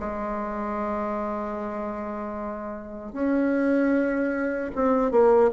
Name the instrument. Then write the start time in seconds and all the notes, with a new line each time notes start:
bassoon
0.00 G#3
3.13 C#4
4.75 C4
5.11 A#3